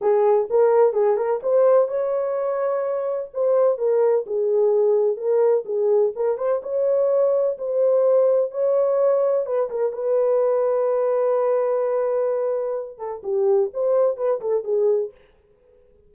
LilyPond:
\new Staff \with { instrumentName = "horn" } { \time 4/4 \tempo 4 = 127 gis'4 ais'4 gis'8 ais'8 c''4 | cis''2. c''4 | ais'4 gis'2 ais'4 | gis'4 ais'8 c''8 cis''2 |
c''2 cis''2 | b'8 ais'8 b'2.~ | b'2.~ b'8 a'8 | g'4 c''4 b'8 a'8 gis'4 | }